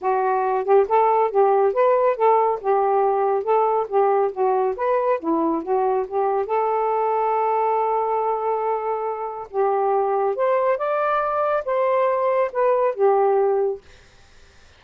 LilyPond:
\new Staff \with { instrumentName = "saxophone" } { \time 4/4 \tempo 4 = 139 fis'4. g'8 a'4 g'4 | b'4 a'4 g'2 | a'4 g'4 fis'4 b'4 | e'4 fis'4 g'4 a'4~ |
a'1~ | a'2 g'2 | c''4 d''2 c''4~ | c''4 b'4 g'2 | }